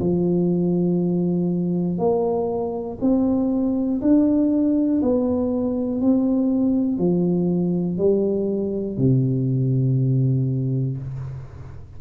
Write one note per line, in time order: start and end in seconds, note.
0.00 1.99 F3
1.99 2.99 A#3
3.01 4.01 C4
4.01 5.01 D4
5.02 6.01 B3
6.01 6.99 C4
6.99 7.98 F3
7.98 8.97 G3
8.97 10.97 C3